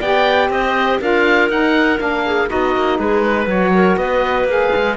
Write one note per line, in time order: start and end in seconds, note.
0.00 0.50 B3
0.00 1.02 G4
0.00 0.50 D5
0.00 0.51 G5
0.50 0.99 C4
0.50 1.00 C5
0.50 1.01 D#5
1.01 1.50 D4
1.01 1.50 F4
1.01 2.25 A#4
1.01 1.51 F5
1.50 1.99 D#4
1.50 2.00 F#5
1.99 2.50 A#3
1.99 2.48 D4
1.99 2.50 F5
2.26 2.49 G#4
2.48 2.76 B3
2.48 3.47 D#4
2.48 2.98 F#4
2.48 3.00 D#5
2.76 2.99 A#3
2.98 3.47 G#3
2.98 3.23 G#4
2.98 3.49 B4
3.23 3.72 B4
3.47 3.97 F#3
3.47 4.48 F#4
3.47 3.97 C#5
3.75 3.99 A#4
3.97 4.45 B3
3.97 4.97 B4
3.97 4.47 D#5
4.45 4.69 A#3
4.45 4.97 G#4
4.52 4.97 F5
4.75 4.97 G#3